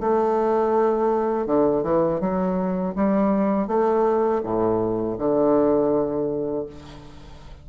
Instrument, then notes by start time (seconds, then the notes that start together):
bassoon
0.00 A3
1.46 D3
1.83 E3
2.20 F#3
2.95 G3
3.67 A3
4.43 A2
5.18 D3